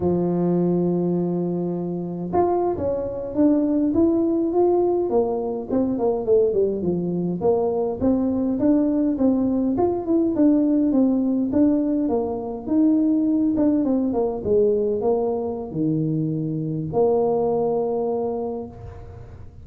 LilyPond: \new Staff \with { instrumentName = "tuba" } { \time 4/4 \tempo 4 = 103 f1 | f'8. cis'4 d'4 e'4 f'16~ | f'8. ais4 c'8 ais8 a8 g8 f16~ | f8. ais4 c'4 d'4 c'16~ |
c'8. f'8 e'8 d'4 c'4 d'16~ | d'8. ais4 dis'4. d'8 c'16~ | c'16 ais8 gis4 ais4~ ais16 dis4~ | dis4 ais2. | }